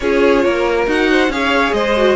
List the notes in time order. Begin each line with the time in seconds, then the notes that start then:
0.00 C#4 F4 G#4 C#5
0.44 A#3 A#4
0.87 D#4 F#4 F#5
1.10 C5
1.28 C#4 G#4 C#5 F5
1.72 G#3 C5 D#5
1.97 F#4